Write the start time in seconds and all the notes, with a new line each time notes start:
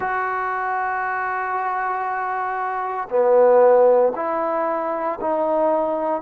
0.00 F#4
3.09 B3
4.15 E4
5.20 D#4